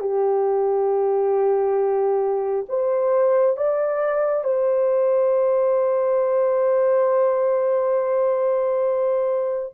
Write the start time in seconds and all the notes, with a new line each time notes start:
0.00 G4
2.69 C5
3.57 D5
4.44 C5